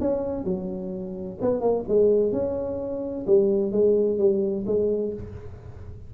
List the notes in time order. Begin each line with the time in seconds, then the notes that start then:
0.00 C#4
0.44 F#3
1.41 B3
1.61 A#3
1.88 G#3
2.32 C#4
3.26 G3
3.72 G#3
4.18 G3
4.66 G#3